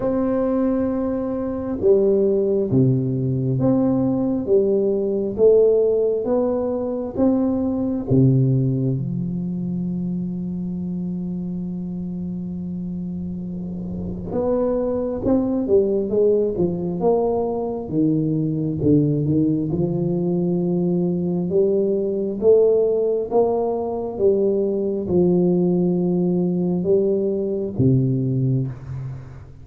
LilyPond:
\new Staff \with { instrumentName = "tuba" } { \time 4/4 \tempo 4 = 67 c'2 g4 c4 | c'4 g4 a4 b4 | c'4 c4 f2~ | f1 |
b4 c'8 g8 gis8 f8 ais4 | dis4 d8 dis8 f2 | g4 a4 ais4 g4 | f2 g4 c4 | }